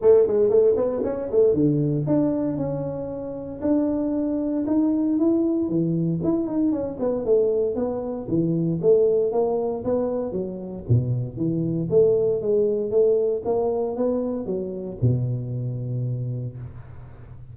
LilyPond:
\new Staff \with { instrumentName = "tuba" } { \time 4/4 \tempo 4 = 116 a8 gis8 a8 b8 cis'8 a8 d4 | d'4 cis'2 d'4~ | d'4 dis'4 e'4 e4 | e'8 dis'8 cis'8 b8 a4 b4 |
e4 a4 ais4 b4 | fis4 b,4 e4 a4 | gis4 a4 ais4 b4 | fis4 b,2. | }